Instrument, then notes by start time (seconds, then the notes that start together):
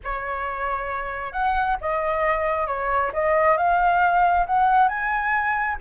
flute
0.03 C#5
1.32 F#5
1.80 D#5
2.67 C#5
3.13 D#5
3.57 F5
4.46 F#5
4.88 G#5